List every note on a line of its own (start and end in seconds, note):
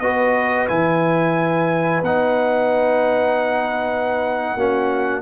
0.00 0.68 B3
0.00 0.69 F#4
0.00 4.56 B4
0.00 0.67 D#5
0.68 2.02 E3
0.68 2.03 E4
0.68 2.03 G#5
2.02 4.55 B3
2.02 4.58 D#4
2.02 5.22 F#5
4.56 5.22 A#3
4.56 5.22 C#4
4.56 5.22 F#4